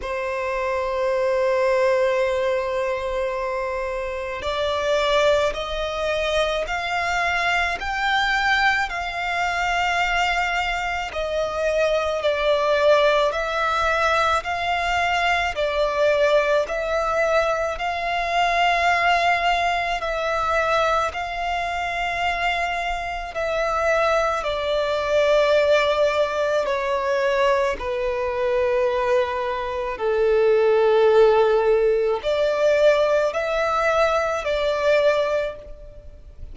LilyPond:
\new Staff \with { instrumentName = "violin" } { \time 4/4 \tempo 4 = 54 c''1 | d''4 dis''4 f''4 g''4 | f''2 dis''4 d''4 | e''4 f''4 d''4 e''4 |
f''2 e''4 f''4~ | f''4 e''4 d''2 | cis''4 b'2 a'4~ | a'4 d''4 e''4 d''4 | }